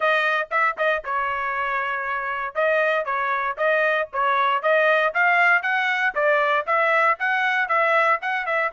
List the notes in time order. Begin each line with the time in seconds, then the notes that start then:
0.00 D#5
0.51 E5
0.77 D#5
1.04 C#5
2.55 D#5
3.05 C#5
3.57 D#5
4.12 C#5
4.62 D#5
5.14 F5
5.62 F#5
6.14 D5
6.66 E5
7.19 F#5
7.68 E5
8.21 F#5
8.46 E5